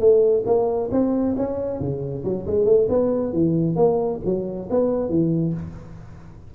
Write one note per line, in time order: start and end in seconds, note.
0.00 0.44 A3
0.46 0.90 A#3
0.92 1.36 C4
1.37 1.80 C#4
1.80 2.24 C#3
2.24 2.46 F#3
2.47 2.66 G#3
2.66 2.88 A3
2.90 3.33 B3
3.33 3.76 E3
3.76 4.20 A#3
4.25 4.69 F#3
4.70 5.10 B3
5.10 5.54 E3